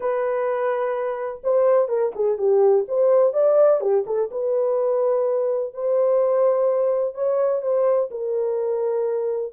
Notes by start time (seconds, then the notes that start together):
0.00 B4
1.43 C5
1.88 A#4
2.15 G#4
2.38 G4
2.87 C5
3.33 D5
3.80 G4
4.06 A4
4.31 B4
5.73 C5
7.14 C#5
7.61 C5
8.10 A#4